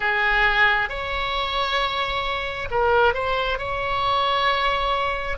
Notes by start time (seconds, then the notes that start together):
0.00 G#4
0.89 C#5
2.71 A#4
3.13 C5
3.58 C#5